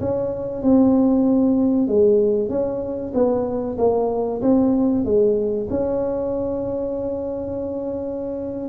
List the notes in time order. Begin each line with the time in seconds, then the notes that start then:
0.00 C#4
0.62 C4
1.88 G#3
2.49 C#4
3.14 B3
3.78 A#3
4.42 C4
5.05 G#3
5.70 C#4